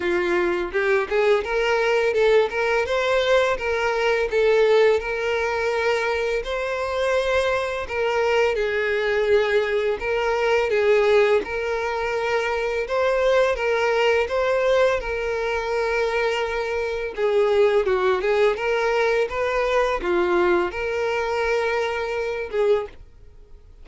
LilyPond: \new Staff \with { instrumentName = "violin" } { \time 4/4 \tempo 4 = 84 f'4 g'8 gis'8 ais'4 a'8 ais'8 | c''4 ais'4 a'4 ais'4~ | ais'4 c''2 ais'4 | gis'2 ais'4 gis'4 |
ais'2 c''4 ais'4 | c''4 ais'2. | gis'4 fis'8 gis'8 ais'4 b'4 | f'4 ais'2~ ais'8 gis'8 | }